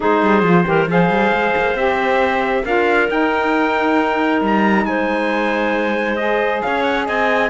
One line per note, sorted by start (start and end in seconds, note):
0.00 0.22 G#3
0.00 0.42 D#4
0.00 0.65 G#4
0.00 0.90 C5
0.22 0.42 G3
0.42 0.64 F3
0.42 0.64 F4
0.64 0.87 E3
0.64 0.86 G4
0.64 0.90 A#4
0.87 1.09 F3
0.87 1.75 G#4
0.87 2.64 C5
0.87 1.76 F5
1.09 1.31 G3
1.32 1.54 G#3
1.56 1.74 A#3
1.74 2.62 C4
1.74 2.64 G4
1.74 2.64 E5
2.64 3.09 D4
2.64 3.08 F4
2.64 4.85 A#4
2.64 3.09 F5
3.08 6.17 D#4
3.08 4.41 D#4
3.08 4.42 G5
4.41 4.85 G3
4.41 4.85 A#5
4.85 6.61 G#3
4.85 6.64 C5
4.85 6.16 G#5
6.16 7.50 G#4
6.16 6.60 D#5
6.61 7.08 C#4
6.61 7.06 C#5
6.61 6.83 F5
6.83 7.05 F#5
7.06 7.50 C4
7.06 7.50 D#5
7.06 7.50 G#5